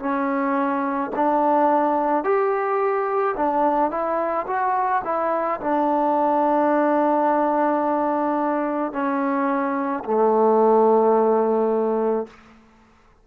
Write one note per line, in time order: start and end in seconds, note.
0.00 1.11 C#4
1.16 2.24 D4
2.24 3.35 G4
3.36 3.91 D4
3.91 4.46 E4
4.47 5.03 F#4
5.05 5.60 E4
5.61 8.93 D4
8.93 10.04 C#4
10.05 12.27 A3